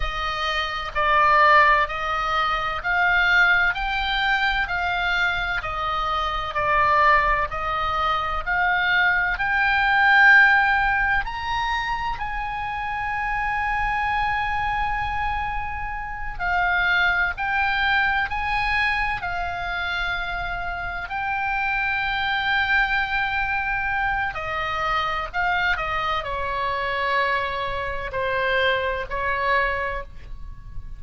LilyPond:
\new Staff \with { instrumentName = "oboe" } { \time 4/4 \tempo 4 = 64 dis''4 d''4 dis''4 f''4 | g''4 f''4 dis''4 d''4 | dis''4 f''4 g''2 | ais''4 gis''2.~ |
gis''4. f''4 g''4 gis''8~ | gis''8 f''2 g''4.~ | g''2 dis''4 f''8 dis''8 | cis''2 c''4 cis''4 | }